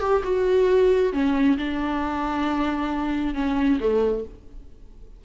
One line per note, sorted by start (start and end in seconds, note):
0.00 0.22 G4
0.24 1.13 F#4
1.13 1.57 C#4
1.58 3.35 D4
3.35 3.79 C#4
3.80 4.24 A3